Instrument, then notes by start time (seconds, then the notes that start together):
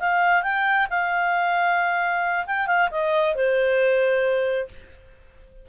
clarinet
0.00 F5
0.43 G5
0.90 F5
2.46 G5
2.67 F5
2.91 D#5
3.35 C5